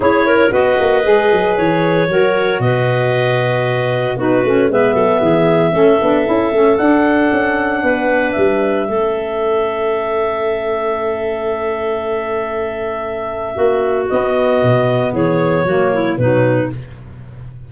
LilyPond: <<
  \new Staff \with { instrumentName = "clarinet" } { \time 4/4 \tempo 4 = 115 cis''4 dis''2 cis''4~ | cis''4 dis''2. | b'4 e''2.~ | e''4 fis''2. |
e''1~ | e''1~ | e''2. dis''4~ | dis''4 cis''2 b'4 | }
  \new Staff \with { instrumentName = "clarinet" } { \time 4/4 gis'8 ais'8 b'2. | ais'4 b'2. | fis'4 b'8 a'8 gis'4 a'4~ | a'2. b'4~ |
b'4 a'2.~ | a'1~ | a'2 fis'2~ | fis'4 gis'4 fis'8 e'8 dis'4 | }
  \new Staff \with { instrumentName = "saxophone" } { \time 4/4 e'4 fis'4 gis'2 | fis'1 | dis'8 cis'8 b2 cis'8 d'8 | e'8 cis'8 d'2.~ |
d'4 cis'2.~ | cis'1~ | cis'2. b4~ | b2 ais4 fis4 | }
  \new Staff \with { instrumentName = "tuba" } { \time 4/4 cis'4 b8 ais8 gis8 fis8 e4 | fis4 b,2. | b8 a8 gis8 fis8 e4 a8 b8 | cis'8 a8 d'4 cis'4 b4 |
g4 a2.~ | a1~ | a2 ais4 b4 | b,4 e4 fis4 b,4 | }
>>